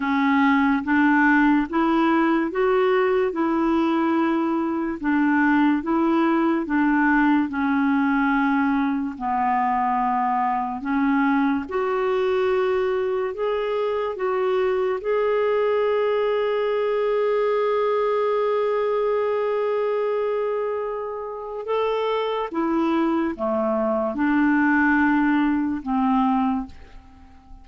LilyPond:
\new Staff \with { instrumentName = "clarinet" } { \time 4/4 \tempo 4 = 72 cis'4 d'4 e'4 fis'4 | e'2 d'4 e'4 | d'4 cis'2 b4~ | b4 cis'4 fis'2 |
gis'4 fis'4 gis'2~ | gis'1~ | gis'2 a'4 e'4 | a4 d'2 c'4 | }